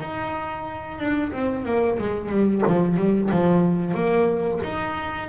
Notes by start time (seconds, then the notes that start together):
0.00 D#4
0.98 D4
1.32 C4
1.65 A#3
1.98 G#3
2.29 G3
2.67 F3
2.96 G3
3.31 F3
3.94 A#3
4.63 D#4